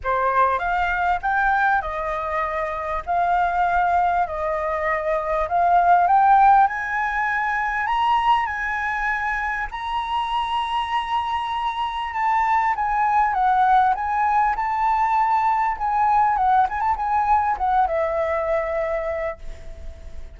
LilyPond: \new Staff \with { instrumentName = "flute" } { \time 4/4 \tempo 4 = 99 c''4 f''4 g''4 dis''4~ | dis''4 f''2 dis''4~ | dis''4 f''4 g''4 gis''4~ | gis''4 ais''4 gis''2 |
ais''1 | a''4 gis''4 fis''4 gis''4 | a''2 gis''4 fis''8 gis''16 a''16 | gis''4 fis''8 e''2~ e''8 | }